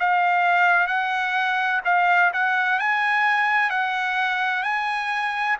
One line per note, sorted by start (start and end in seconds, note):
0.00 0.87 F5
0.87 1.81 F#5
1.85 2.32 F5
2.34 2.80 F#5
2.80 3.70 G#5
3.70 4.63 F#5
4.63 5.57 G#5